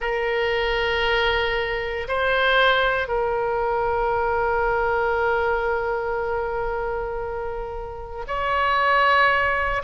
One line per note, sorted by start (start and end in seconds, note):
0.00 2.07 A#4
2.07 3.08 C5
3.08 8.25 A#4
8.27 9.82 C#5